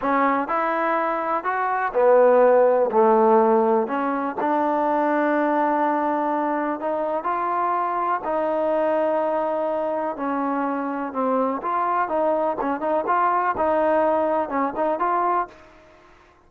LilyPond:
\new Staff \with { instrumentName = "trombone" } { \time 4/4 \tempo 4 = 124 cis'4 e'2 fis'4 | b2 a2 | cis'4 d'2.~ | d'2 dis'4 f'4~ |
f'4 dis'2.~ | dis'4 cis'2 c'4 | f'4 dis'4 cis'8 dis'8 f'4 | dis'2 cis'8 dis'8 f'4 | }